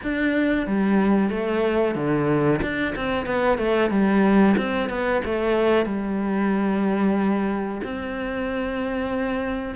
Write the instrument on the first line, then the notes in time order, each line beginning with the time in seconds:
cello
0.03 D4
0.66 G3
1.30 A3
1.95 D3
2.61 D4
2.95 C4
3.25 B3
3.58 A3
3.90 G3
4.57 C4
4.89 B3
5.24 A3
5.85 G3
7.83 C4